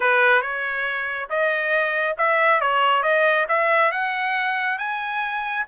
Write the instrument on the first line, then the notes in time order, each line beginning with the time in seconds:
trumpet
0.00 B4
0.41 C#5
1.29 D#5
2.17 E5
2.60 C#5
3.02 D#5
3.48 E5
3.91 F#5
4.78 G#5